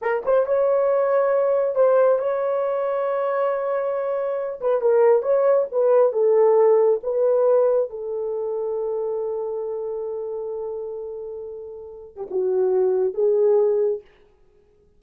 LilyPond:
\new Staff \with { instrumentName = "horn" } { \time 4/4 \tempo 4 = 137 ais'8 c''8 cis''2. | c''4 cis''2.~ | cis''2~ cis''8 b'8 ais'4 | cis''4 b'4 a'2 |
b'2 a'2~ | a'1~ | a'2.~ a'8. g'16 | fis'2 gis'2 | }